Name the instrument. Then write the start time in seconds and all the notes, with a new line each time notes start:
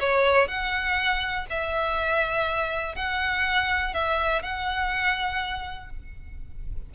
violin
0.00 C#5
0.48 F#5
1.50 E5
2.96 F#5
3.94 E5
4.43 F#5